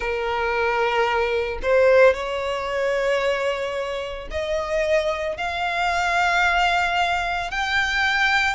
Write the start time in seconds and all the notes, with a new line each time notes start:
0.00 A#4
1.62 C5
2.14 C#5
4.31 D#5
5.37 F5
7.50 G5